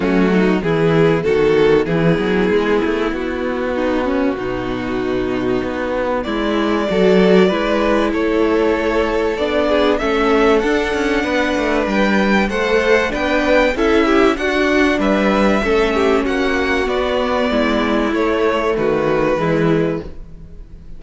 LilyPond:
<<
  \new Staff \with { instrumentName = "violin" } { \time 4/4 \tempo 4 = 96 fis'4 gis'4 a'4 gis'4~ | gis'4 fis'2.~ | fis'2 d''2~ | d''4 cis''2 d''4 |
e''4 fis''2 g''4 | fis''4 g''4 e''4 fis''4 | e''2 fis''4 d''4~ | d''4 cis''4 b'2 | }
  \new Staff \with { instrumentName = "violin" } { \time 4/4 cis'8 dis'8 e'4 fis'4 e'4~ | e'2 dis'8 cis'8 dis'4~ | dis'2 e'4 a'4 | b'4 a'2~ a'8 gis'8 |
a'2 b'2 | c''4 b'4 a'8 g'8 fis'4 | b'4 a'8 g'8 fis'2 | e'2 fis'4 e'4 | }
  \new Staff \with { instrumentName = "viola" } { \time 4/4 a4 b2.~ | b1~ | b2. fis'4 | e'2. d'4 |
cis'4 d'2. | a'4 d'4 e'4 d'4~ | d'4 cis'2 b4~ | b4 a2 gis4 | }
  \new Staff \with { instrumentName = "cello" } { \time 4/4 fis4 e4 dis4 e8 fis8 | gis8 a8 b2 b,4~ | b,4 b4 gis4 fis4 | gis4 a2 b4 |
a4 d'8 cis'8 b8 a8 g4 | a4 b4 cis'4 d'4 | g4 a4 ais4 b4 | gis4 a4 dis4 e4 | }
>>